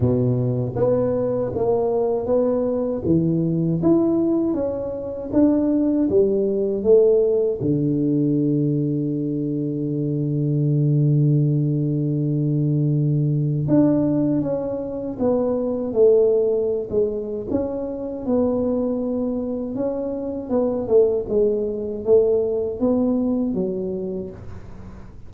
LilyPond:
\new Staff \with { instrumentName = "tuba" } { \time 4/4 \tempo 4 = 79 b,4 b4 ais4 b4 | e4 e'4 cis'4 d'4 | g4 a4 d2~ | d1~ |
d2 d'4 cis'4 | b4 a4~ a16 gis8. cis'4 | b2 cis'4 b8 a8 | gis4 a4 b4 fis4 | }